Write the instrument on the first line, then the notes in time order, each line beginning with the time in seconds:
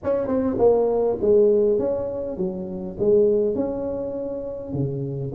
tuba
0.03 C#4
0.27 C4
0.58 A#3
1.21 G#3
1.78 C#4
2.37 F#3
2.99 G#3
3.55 C#4
4.73 C#3